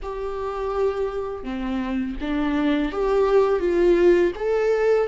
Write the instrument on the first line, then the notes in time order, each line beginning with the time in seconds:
viola
0.02 G4
1.43 C4
2.20 D4
2.91 G4
3.59 F4
4.35 A4